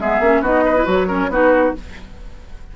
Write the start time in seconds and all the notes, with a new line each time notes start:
0.00 G#3 B3 G#4 E5
0.20 A#3 C#4
0.41 B3 D#4 F#4 D#5
0.65 B4
0.76 E4
0.85 F#3 F#4 C#5
1.07 C#4 A#4
1.29 B3 D#4 F#4 B4